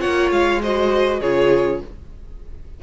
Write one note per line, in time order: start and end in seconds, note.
0.00 0.31 A#3
0.00 0.61 F4
0.00 0.62 C#5
0.00 0.31 F#5
0.31 1.21 G#3
0.31 0.62 F5
0.63 1.22 F#4
0.63 1.20 C5
0.63 1.21 D#5
1.20 1.82 C#3
1.20 1.83 F4
1.20 1.81 G#4
1.20 1.82 C#5